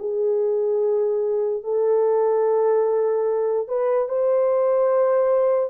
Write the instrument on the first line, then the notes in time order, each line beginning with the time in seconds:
horn
0.00 G#4
1.64 A4
3.68 B4
4.09 C5